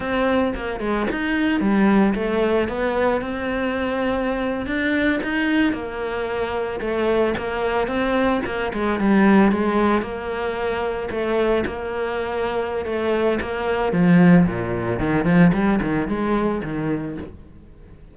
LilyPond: \new Staff \with { instrumentName = "cello" } { \time 4/4 \tempo 4 = 112 c'4 ais8 gis8 dis'4 g4 | a4 b4 c'2~ | c'8. d'4 dis'4 ais4~ ais16~ | ais8. a4 ais4 c'4 ais16~ |
ais16 gis8 g4 gis4 ais4~ ais16~ | ais8. a4 ais2~ ais16 | a4 ais4 f4 ais,4 | dis8 f8 g8 dis8 gis4 dis4 | }